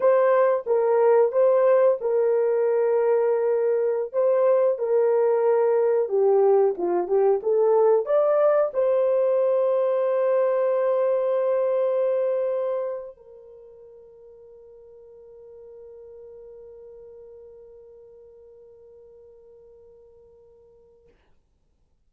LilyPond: \new Staff \with { instrumentName = "horn" } { \time 4/4 \tempo 4 = 91 c''4 ais'4 c''4 ais'4~ | ais'2~ ais'16 c''4 ais'8.~ | ais'4~ ais'16 g'4 f'8 g'8 a'8.~ | a'16 d''4 c''2~ c''8.~ |
c''1 | ais'1~ | ais'1~ | ais'1 | }